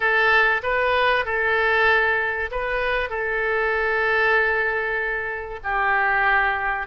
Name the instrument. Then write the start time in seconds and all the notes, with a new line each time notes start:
oboe
0.00 A4
0.62 B4
1.25 A4
2.51 B4
3.09 A4
5.63 G4